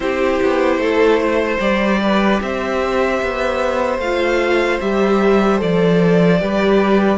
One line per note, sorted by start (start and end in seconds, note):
0.00 0.38 C4
0.00 1.59 E4
0.00 0.80 G4
0.00 1.58 C5
0.42 0.77 B3
0.77 1.57 A3
0.77 1.19 A4
1.19 1.99 C5
1.60 2.40 G3
1.60 4.00 G4
1.60 2.40 D5
2.02 2.42 B4
2.41 3.21 C4
2.41 6.41 C5
2.41 4.00 E5
3.22 3.98 B3
3.98 4.78 A3
3.98 4.81 F4
3.98 4.80 F5
4.80 5.61 G3
4.80 5.57 G4
4.80 5.60 E5
5.57 6.41 F3
5.57 6.37 A4
5.57 7.18 D5
6.40 7.18 G3
6.40 7.18 G4
6.40 7.18 B4